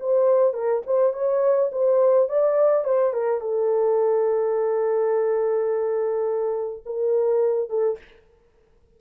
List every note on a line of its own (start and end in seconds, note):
0.00 0.54 C5
0.54 0.82 A#4
0.86 1.14 C5
1.14 1.71 C#5
1.72 2.29 C5
2.29 2.85 D5
2.85 3.13 C5
3.14 3.41 A#4
3.41 6.84 A4
6.86 7.70 A#4
7.70 7.98 A4